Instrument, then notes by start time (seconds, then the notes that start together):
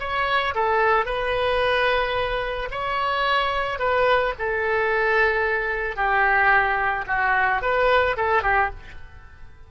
oboe
0.00 C#5
0.55 A4
1.06 B4
2.71 C#5
3.80 B4
4.39 A4
5.97 G4
7.08 F#4
7.62 B4
8.17 A4
8.43 G4